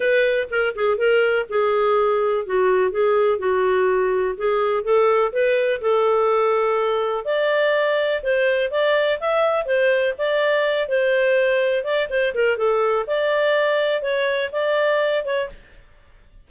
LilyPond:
\new Staff \with { instrumentName = "clarinet" } { \time 4/4 \tempo 4 = 124 b'4 ais'8 gis'8 ais'4 gis'4~ | gis'4 fis'4 gis'4 fis'4~ | fis'4 gis'4 a'4 b'4 | a'2. d''4~ |
d''4 c''4 d''4 e''4 | c''4 d''4. c''4.~ | c''8 d''8 c''8 ais'8 a'4 d''4~ | d''4 cis''4 d''4. cis''8 | }